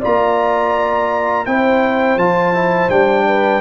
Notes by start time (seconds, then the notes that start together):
0.00 A#3 F4 D5 A#5
1.45 C4 E4 C5 G5
2.16 F3 F4 A5
2.54 E4
2.88 G3 D4 G5
3.27 B4